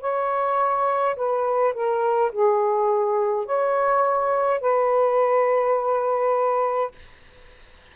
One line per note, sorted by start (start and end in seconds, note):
0.00 1.15 C#5
1.16 1.74 B4
1.74 2.31 A#4
2.32 3.46 G#4
3.46 4.60 C#5
4.60 6.91 B4